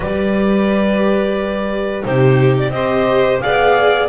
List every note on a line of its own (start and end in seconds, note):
0.00 2.04 G3
0.00 2.02 G4
0.00 2.04 B4
0.00 2.04 D5
2.02 2.69 C3
2.02 2.71 D#4
2.02 2.72 G4
2.02 2.55 C5
2.58 2.71 D5
2.69 3.37 C4
2.69 3.40 G4
2.69 3.42 C5
2.69 3.39 D#5
3.40 4.08 B3
3.40 4.08 G#4
3.40 4.08 D5
3.40 4.08 F5